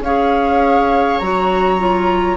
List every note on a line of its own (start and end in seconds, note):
0.00 1.18 C#4
0.00 1.22 G#4
0.00 2.37 C#5
0.00 1.19 F5
1.19 2.37 F#3
1.19 1.78 F#4
1.19 2.36 A#5
1.78 2.37 F4